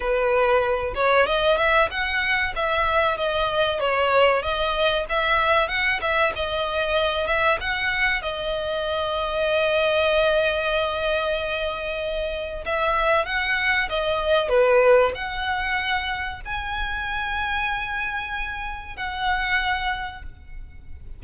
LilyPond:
\new Staff \with { instrumentName = "violin" } { \time 4/4 \tempo 4 = 95 b'4. cis''8 dis''8 e''8 fis''4 | e''4 dis''4 cis''4 dis''4 | e''4 fis''8 e''8 dis''4. e''8 | fis''4 dis''2.~ |
dis''1 | e''4 fis''4 dis''4 b'4 | fis''2 gis''2~ | gis''2 fis''2 | }